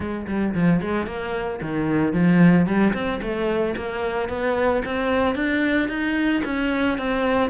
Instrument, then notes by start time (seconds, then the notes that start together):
cello
0.00 G#3
0.27 G3
0.54 F3
0.81 G#3
1.06 A#3
1.61 D#3
2.13 F3
2.66 G3
2.93 C4
3.21 A3
3.76 A#3
4.29 B3
4.85 C4
5.35 D4
5.89 D#4
6.44 C#4
6.98 C4